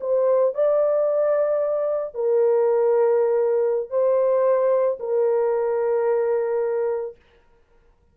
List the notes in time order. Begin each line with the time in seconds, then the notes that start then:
0.00 C5
0.54 D5
2.14 A#4
3.90 C5
4.99 A#4